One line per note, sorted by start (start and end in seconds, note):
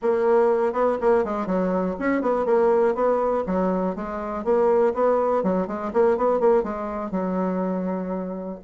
0.02 0.72 A#3
0.72 0.97 B3
1.00 1.24 A#3
1.24 1.46 G#3
1.46 1.95 F#3
1.99 2.21 C#4
2.21 2.45 B3
2.45 2.94 A#3
2.94 3.44 B3
3.46 3.95 F#3
3.95 4.44 G#3
4.44 4.93 A#3
4.94 5.43 B3
5.43 5.67 F#3
5.67 5.92 G#3
5.93 6.17 A#3
6.17 6.40 B3
6.40 6.63 A#3
6.63 7.11 G#3
7.11 8.58 F#3